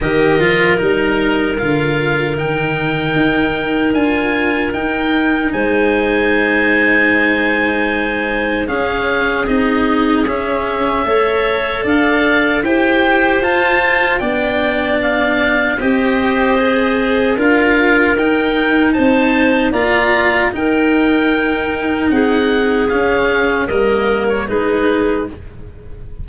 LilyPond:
<<
  \new Staff \with { instrumentName = "oboe" } { \time 4/4 \tempo 4 = 76 dis''4 ais'4 f''4 g''4~ | g''4 gis''4 g''4 gis''4~ | gis''2. f''4 | dis''4 e''2 f''4 |
g''4 a''4 g''4 f''4 | dis''2 f''4 g''4 | a''4 ais''4 g''2 | fis''4 f''4 dis''8. cis''16 b'4 | }
  \new Staff \with { instrumentName = "clarinet" } { \time 4/4 ais'1~ | ais'2. c''4~ | c''2. gis'4~ | gis'2 cis''4 d''4 |
c''2 d''2 | c''2 ais'2 | c''4 d''4 ais'2 | gis'2 ais'4 gis'4 | }
  \new Staff \with { instrumentName = "cello" } { \time 4/4 g'8 f'8 dis'4 f'4 dis'4~ | dis'4 f'4 dis'2~ | dis'2. cis'4 | dis'4 cis'4 a'2 |
g'4 f'4 d'2 | g'4 gis'4 f'4 dis'4~ | dis'4 f'4 dis'2~ | dis'4 cis'4 ais4 dis'4 | }
  \new Staff \with { instrumentName = "tuba" } { \time 4/4 dis8 f8 g4 d4 dis4 | dis'4 d'4 dis'4 gis4~ | gis2. cis'4 | c'4 cis'4 a4 d'4 |
e'4 f'4 b2 | c'2 d'4 dis'4 | c'4 ais4 dis'2 | c'4 cis'4 g4 gis4 | }
>>